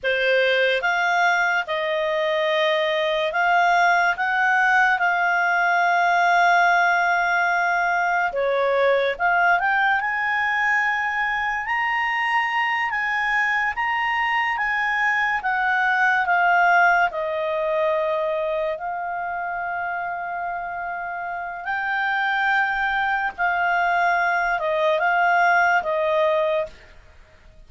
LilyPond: \new Staff \with { instrumentName = "clarinet" } { \time 4/4 \tempo 4 = 72 c''4 f''4 dis''2 | f''4 fis''4 f''2~ | f''2 cis''4 f''8 g''8 | gis''2 ais''4. gis''8~ |
gis''8 ais''4 gis''4 fis''4 f''8~ | f''8 dis''2 f''4.~ | f''2 g''2 | f''4. dis''8 f''4 dis''4 | }